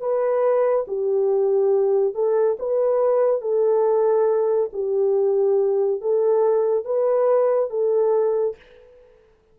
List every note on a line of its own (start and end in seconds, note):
0.00 0.86 B4
0.88 2.14 G4
2.14 2.57 A4
2.59 3.41 B4
3.41 4.70 A4
4.73 6.01 G4
6.01 6.85 A4
6.85 7.70 B4
7.70 8.56 A4